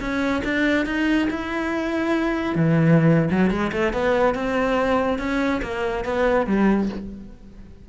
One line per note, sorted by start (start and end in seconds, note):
0.00 0.42 C#4
0.44 0.86 D4
0.86 1.28 D#4
1.30 2.55 E4
2.55 3.29 E3
3.31 3.50 F#3
3.50 3.71 G#3
3.72 3.93 A3
3.93 4.34 B3
4.34 5.19 C4
5.19 5.61 C#4
5.62 6.04 A#3
6.04 6.46 B3
6.46 6.89 G3